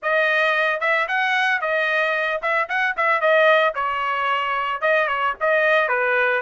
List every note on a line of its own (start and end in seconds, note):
0.02 0.80 D#5
0.80 1.07 E5
1.07 1.61 F#5
1.61 2.41 D#5
2.41 2.68 E5
2.68 2.95 F#5
2.97 3.20 E5
3.20 3.74 D#5
3.75 4.81 C#5
4.81 5.07 D#5
5.07 5.34 C#5
5.40 5.88 D#5
5.88 6.41 B4